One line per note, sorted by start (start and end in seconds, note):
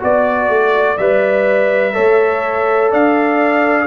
0.00 0.49 B3
0.00 0.97 F#4
0.00 1.94 D5
0.00 0.97 D5
0.49 0.97 A3
0.97 1.95 G3
0.97 1.93 B4
0.97 2.91 E5
1.93 2.93 A3
1.93 3.86 A4
1.93 2.91 C#5
2.91 3.86 D4
2.91 3.86 D5
2.91 3.86 F5